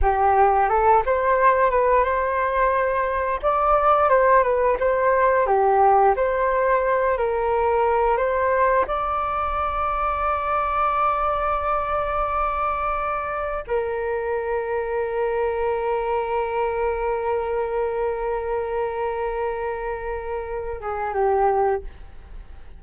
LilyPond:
\new Staff \with { instrumentName = "flute" } { \time 4/4 \tempo 4 = 88 g'4 a'8 c''4 b'8 c''4~ | c''4 d''4 c''8 b'8 c''4 | g'4 c''4. ais'4. | c''4 d''2.~ |
d''1 | ais'1~ | ais'1~ | ais'2~ ais'8 gis'8 g'4 | }